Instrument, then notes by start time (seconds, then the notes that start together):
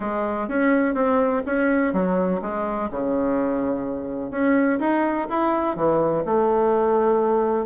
bassoon
0.00 G#3
0.48 C#4
0.94 C4
1.45 C#4
1.93 F#3
2.41 G#3
2.90 C#3
4.31 C#4
4.79 D#4
5.29 E4
5.76 E3
6.25 A3